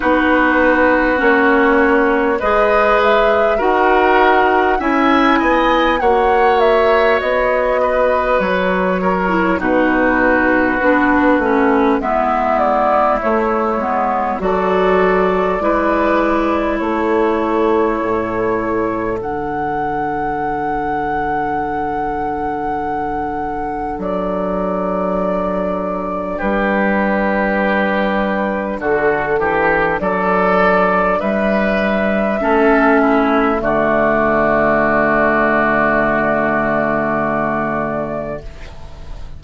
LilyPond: <<
  \new Staff \with { instrumentName = "flute" } { \time 4/4 \tempo 4 = 50 b'4 cis''4 dis''8 e''8 fis''4 | gis''4 fis''8 e''8 dis''4 cis''4 | b'2 e''8 d''8 cis''4 | d''2 cis''2 |
fis''1 | d''2 b'2 | a'4 d''4 e''2 | d''1 | }
  \new Staff \with { instrumentName = "oboe" } { \time 4/4 fis'2 b'4 ais'4 | e''8 dis''8 cis''4. b'4 ais'8 | fis'2 e'2 | a'4 b'4 a'2~ |
a'1~ | a'2 g'2 | fis'8 g'8 a'4 b'4 a'8 e'8 | fis'1 | }
  \new Staff \with { instrumentName = "clarinet" } { \time 4/4 dis'4 cis'4 gis'4 fis'4 | e'4 fis'2~ fis'8. e'16 | dis'4 d'8 cis'8 b4 a8 b8 | fis'4 e'2. |
d'1~ | d'1~ | d'2. cis'4 | a1 | }
  \new Staff \with { instrumentName = "bassoon" } { \time 4/4 b4 ais4 gis4 dis'4 | cis'8 b8 ais4 b4 fis4 | b,4 b8 a8 gis4 a8 gis8 | fis4 gis4 a4 a,4 |
d1 | fis2 g2 | d8 e8 fis4 g4 a4 | d1 | }
>>